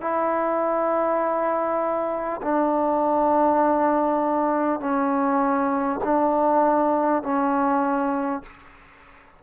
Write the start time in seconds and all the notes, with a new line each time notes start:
0.00 E4
2.42 D4
4.80 C#4
6.03 D4
7.23 C#4